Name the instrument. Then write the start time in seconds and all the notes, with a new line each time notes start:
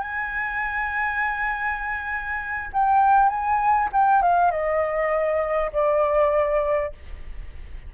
flute
0.00 G#5
2.73 G5
3.29 G#5
3.93 G5
4.22 F5
4.51 D#5
5.72 D5